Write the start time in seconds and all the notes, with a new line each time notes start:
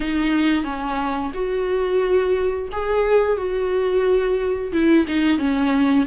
0.00 D#4
0.64 C#4
1.33 F#4
2.72 G#4
3.37 F#4
4.72 E4
5.07 D#4
5.38 C#4